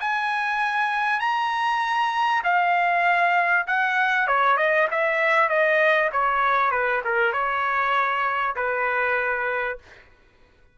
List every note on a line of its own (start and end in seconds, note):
0.00 1.20 G#5
1.20 2.42 A#5
2.44 3.66 F5
3.67 4.27 F#5
4.27 4.57 C#5
4.57 4.88 D#5
4.91 5.49 E5
5.49 6.10 D#5
6.12 6.71 C#5
6.71 7.01 B4
7.04 7.33 A#4
7.33 8.55 C#5
8.56 9.78 B4